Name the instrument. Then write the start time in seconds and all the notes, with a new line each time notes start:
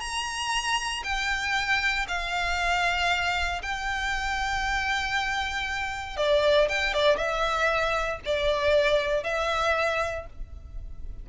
violin
0.00 A#5
1.03 G5
2.08 F5
3.62 G5
6.17 D5
6.69 G5
6.94 D5
7.17 E5
8.25 D5
9.24 E5